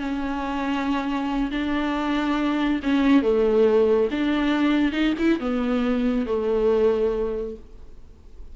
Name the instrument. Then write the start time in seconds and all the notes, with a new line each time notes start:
viola
0.00 C#4
1.51 D4
2.84 C#4
3.23 A3
4.11 D4
4.93 D#4
5.19 E4
5.40 B3
6.27 A3